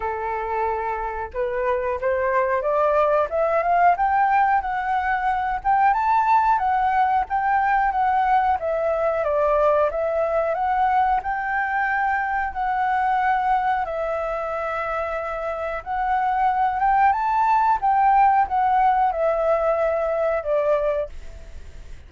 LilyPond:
\new Staff \with { instrumentName = "flute" } { \time 4/4 \tempo 4 = 91 a'2 b'4 c''4 | d''4 e''8 f''8 g''4 fis''4~ | fis''8 g''8 a''4 fis''4 g''4 | fis''4 e''4 d''4 e''4 |
fis''4 g''2 fis''4~ | fis''4 e''2. | fis''4. g''8 a''4 g''4 | fis''4 e''2 d''4 | }